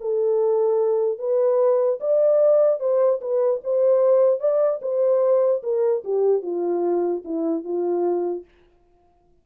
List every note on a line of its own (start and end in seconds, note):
0.00 1.18 A4
1.18 1.99 B4
2.00 2.80 D5
2.80 3.20 C5
3.20 3.61 B4
3.64 4.40 C5
4.40 4.80 D5
4.81 5.62 C5
5.63 6.03 A#4
6.04 6.42 G4
6.42 7.22 F4
7.24 7.64 E4
7.64 8.44 F4